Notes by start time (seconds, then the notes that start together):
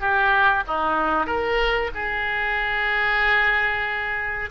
0.00 G4
0.67 D#4
1.26 A#4
1.94 G#4